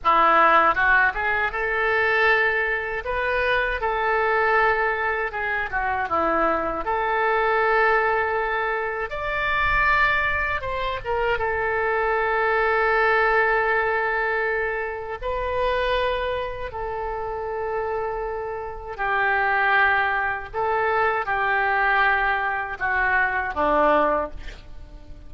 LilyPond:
\new Staff \with { instrumentName = "oboe" } { \time 4/4 \tempo 4 = 79 e'4 fis'8 gis'8 a'2 | b'4 a'2 gis'8 fis'8 | e'4 a'2. | d''2 c''8 ais'8 a'4~ |
a'1 | b'2 a'2~ | a'4 g'2 a'4 | g'2 fis'4 d'4 | }